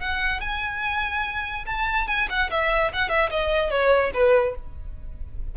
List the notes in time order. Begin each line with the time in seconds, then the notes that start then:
0.00 F#5
0.41 G#5
1.67 A5
2.08 G#5
2.30 F#5
2.51 E5
2.93 F#5
3.09 E5
3.30 D#5
3.70 C#5
4.14 B4